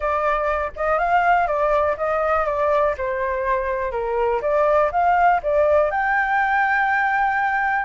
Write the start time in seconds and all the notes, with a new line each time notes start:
0.00 D5
0.76 D#5
0.98 F5
1.47 D5
1.97 D#5
2.45 D5
2.97 C5
3.91 A#4
4.42 D5
4.91 F5
5.42 D5
5.90 G5